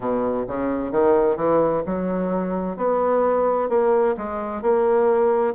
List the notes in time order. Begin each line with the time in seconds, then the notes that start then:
0.00 B2
0.47 C#3
0.91 D#3
1.36 E3
1.86 F#3
2.77 B3
3.69 A#3
4.17 G#3
4.62 A#3